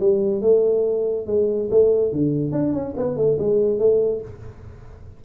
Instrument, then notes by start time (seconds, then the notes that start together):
tuba
0.00 G3
0.41 A3
1.27 G#3
1.71 A3
2.12 D3
2.52 D4
2.73 C#4
2.97 B3
3.17 A3
3.39 G#3
3.79 A3